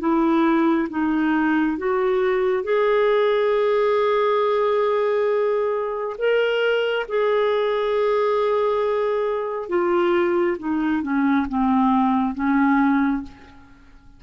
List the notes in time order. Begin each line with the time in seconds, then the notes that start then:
0.00 E4
0.90 D#4
1.78 F#4
2.64 G#4
6.18 A#4
7.09 G#4
9.69 F4
10.59 D#4
11.03 C#4
11.49 C4
12.35 C#4